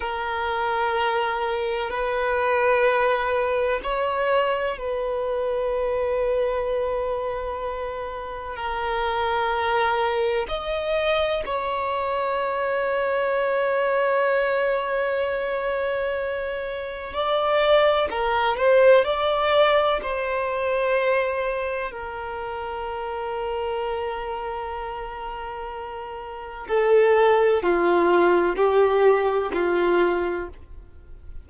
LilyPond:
\new Staff \with { instrumentName = "violin" } { \time 4/4 \tempo 4 = 63 ais'2 b'2 | cis''4 b'2.~ | b'4 ais'2 dis''4 | cis''1~ |
cis''2 d''4 ais'8 c''8 | d''4 c''2 ais'4~ | ais'1 | a'4 f'4 g'4 f'4 | }